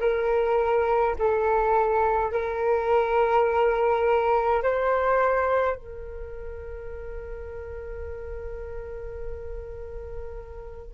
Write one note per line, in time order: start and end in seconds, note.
0.00 1.15 A#4
1.19 2.32 A4
2.32 4.63 A#4
4.63 5.75 C5
5.75 10.94 A#4